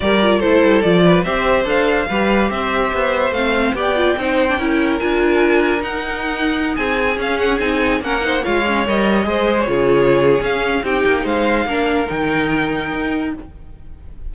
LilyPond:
<<
  \new Staff \with { instrumentName = "violin" } { \time 4/4 \tempo 4 = 144 d''4 c''4 d''4 e''4 | f''2 e''2 | f''4 g''2. | gis''2 fis''2~ |
fis''16 gis''4 f''8 fis''8 gis''4 fis''8.~ | fis''16 f''4 dis''4.~ dis''16 cis''4~ | cis''4 f''4 g''4 f''4~ | f''4 g''2. | }
  \new Staff \with { instrumentName = "violin" } { \time 4/4 ais'4 a'4. b'8 c''4~ | c''4 b'4 c''2~ | c''4 d''4 c''4 ais'4~ | ais'1~ |
ais'16 gis'2. ais'8 c''16~ | c''16 cis''2 c''4 gis'8.~ | gis'2 g'4 c''4 | ais'1 | }
  \new Staff \with { instrumentName = "viola" } { \time 4/4 g'8 f'8 e'4 f'4 g'4 | a'4 g'2. | c'4 g'8 f'8 dis'8. d'16 e'4 | f'2 dis'2~ |
dis'4~ dis'16 cis'4 dis'4 cis'8 dis'16~ | dis'16 f'8 cis'8 ais'4 gis'4 f'8.~ | f'4 cis'4 dis'2 | d'4 dis'2. | }
  \new Staff \with { instrumentName = "cello" } { \time 4/4 g4 a8 g8 f4 c'4 | d'4 g4 c'4 b4 | a4 b4 c'4 cis'4 | d'2 dis'2~ |
dis'16 c'4 cis'4 c'4 ais8.~ | ais16 gis4 g4 gis4 cis8.~ | cis4 cis'4 c'8 ais8 gis4 | ais4 dis2 dis'4 | }
>>